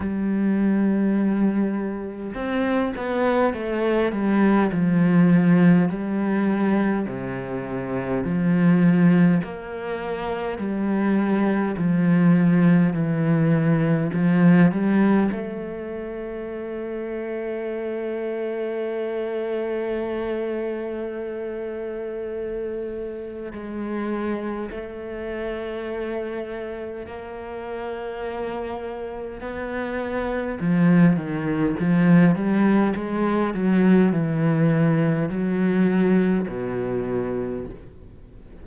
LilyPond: \new Staff \with { instrumentName = "cello" } { \time 4/4 \tempo 4 = 51 g2 c'8 b8 a8 g8 | f4 g4 c4 f4 | ais4 g4 f4 e4 | f8 g8 a2.~ |
a1 | gis4 a2 ais4~ | ais4 b4 f8 dis8 f8 g8 | gis8 fis8 e4 fis4 b,4 | }